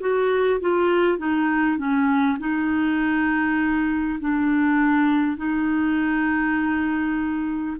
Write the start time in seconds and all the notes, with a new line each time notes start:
0.00 F#4
0.61 F4
1.18 D#4
1.78 C#4
2.39 D#4
4.20 D4
5.37 D#4